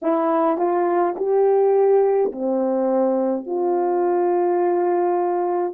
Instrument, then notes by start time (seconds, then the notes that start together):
horn
0.02 E4
0.57 F4
1.16 G4
2.31 C4
3.46 F4